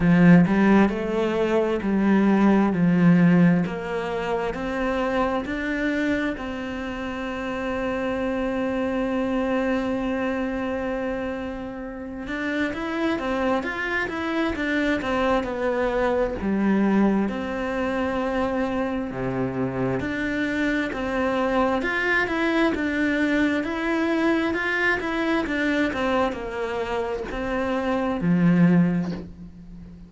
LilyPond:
\new Staff \with { instrumentName = "cello" } { \time 4/4 \tempo 4 = 66 f8 g8 a4 g4 f4 | ais4 c'4 d'4 c'4~ | c'1~ | c'4. d'8 e'8 c'8 f'8 e'8 |
d'8 c'8 b4 g4 c'4~ | c'4 c4 d'4 c'4 | f'8 e'8 d'4 e'4 f'8 e'8 | d'8 c'8 ais4 c'4 f4 | }